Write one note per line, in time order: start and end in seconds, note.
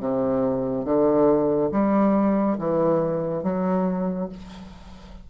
0.00 0.85 C3
0.85 1.70 D3
1.72 2.58 G3
2.59 3.44 E3
3.44 4.29 F#3